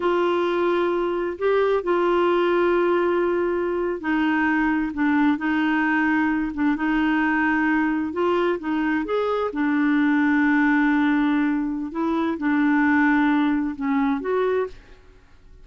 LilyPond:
\new Staff \with { instrumentName = "clarinet" } { \time 4/4 \tempo 4 = 131 f'2. g'4 | f'1~ | f'8. dis'2 d'4 dis'16~ | dis'2~ dis'16 d'8 dis'4~ dis'16~ |
dis'4.~ dis'16 f'4 dis'4 gis'16~ | gis'8. d'2.~ d'16~ | d'2 e'4 d'4~ | d'2 cis'4 fis'4 | }